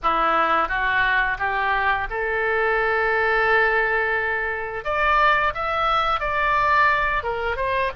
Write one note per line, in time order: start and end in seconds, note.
0.02 0.68 E4
0.68 1.37 F#4
1.38 2.07 G4
2.10 4.84 A4
4.84 5.53 D5
5.54 6.20 E5
6.20 7.23 D5
7.23 7.56 A#4
7.56 7.91 C5